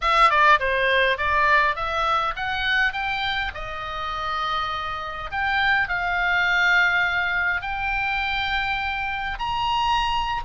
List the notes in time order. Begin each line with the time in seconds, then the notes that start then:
0.01 E5
0.29 D5
0.59 C5
1.17 D5
1.75 E5
2.35 F#5
2.92 G5
3.54 D#5
5.31 G5
5.88 F5
7.61 G5
9.38 A#5